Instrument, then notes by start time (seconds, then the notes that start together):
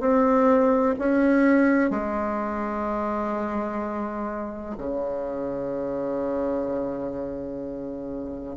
bassoon
0.00 C4
0.99 C#4
1.90 G#3
4.77 C#3